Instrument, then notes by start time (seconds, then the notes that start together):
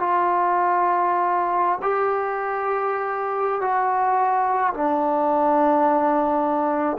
trombone
0.00 F4
1.83 G4
3.62 F#4
4.74 D4